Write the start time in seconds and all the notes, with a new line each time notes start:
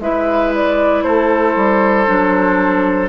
0.00 G#3 E4 B4 E5
0.55 D5
1.03 A3 A4 C5
1.56 G3
2.07 F#3 D4